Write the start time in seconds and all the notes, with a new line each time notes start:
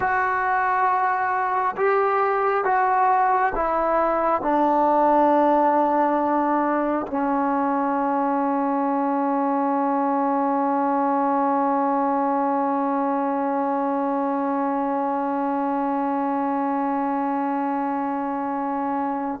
0.00 F#4
1.76 G4
2.64 F#4
3.55 E4
4.41 D4
7.07 C#4